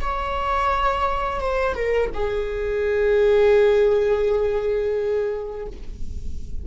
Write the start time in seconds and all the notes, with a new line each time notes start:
0.00 C#5
1.40 C5
1.75 A#4
2.13 G#4